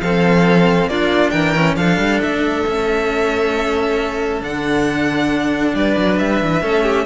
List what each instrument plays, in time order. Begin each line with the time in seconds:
0.00 cello F3 C4, violin A4 F5
0.86 cello A#3 D4, violin F4 D5
1.30 cello E3, violin A#4 G5
1.55 cello C#4
1.76 cello F3 D4, violin A4 F5
1.97 cello G3
2.21 cello A3, violin E5
2.66 cello C#4
4.41 cello D3 D4, violin F#5
5.73 cello G3, violin B4 D5
5.97 cello F#3
6.18 cello G3, violin E5
6.42 cello E3
6.62 cello A3 C#4, violin A4
6.83 violin G4